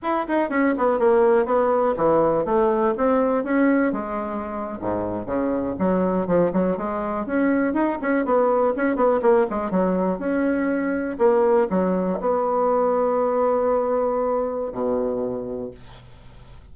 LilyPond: \new Staff \with { instrumentName = "bassoon" } { \time 4/4 \tempo 4 = 122 e'8 dis'8 cis'8 b8 ais4 b4 | e4 a4 c'4 cis'4 | gis4.~ gis16 gis,4 cis4 fis16~ | fis8. f8 fis8 gis4 cis'4 dis'16~ |
dis'16 cis'8 b4 cis'8 b8 ais8 gis8 fis16~ | fis8. cis'2 ais4 fis16~ | fis8. b2.~ b16~ | b2 b,2 | }